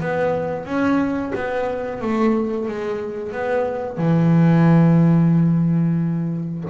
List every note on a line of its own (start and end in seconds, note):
0.00 0.65 B3
0.65 1.32 C#4
1.35 2.01 B3
2.01 2.68 A3
2.68 3.32 G#3
3.32 3.97 B3
3.97 6.64 E3